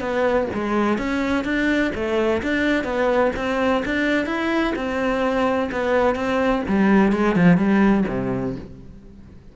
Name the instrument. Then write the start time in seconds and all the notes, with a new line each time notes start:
cello
0.00 B3
0.54 G#3
0.98 C#4
1.44 D4
1.95 A3
2.42 D4
2.84 B3
3.36 C4
3.85 D4
4.26 E4
4.75 C4
5.71 B3
6.15 C4
6.68 G3
7.12 G#3
7.36 F3
7.57 G3
8.08 C3